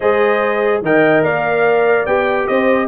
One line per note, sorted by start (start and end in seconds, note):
0.00 0.81 G#3
0.00 0.83 G#4
0.00 0.83 C5
0.00 0.82 D#5
0.81 1.22 D#3
0.81 2.07 A#4
0.81 1.24 D#5
0.81 1.23 G5
1.23 2.05 A#3
1.23 2.48 D5
1.23 2.06 F5
2.06 2.47 B3
2.06 2.87 G4
2.06 2.47 G5
2.47 2.87 C4
2.47 2.87 C5
2.47 2.87 D#5